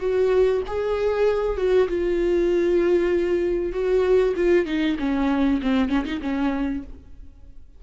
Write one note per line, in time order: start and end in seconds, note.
0.00 0.62 F#4
0.67 1.57 G#4
1.57 1.88 F#4
1.88 3.73 F4
3.73 4.34 F#4
4.37 4.66 F4
4.66 4.97 D#4
4.99 5.61 C#4
5.62 5.89 C4
5.89 6.04 C#4
6.05 6.21 D#4
6.21 6.83 C#4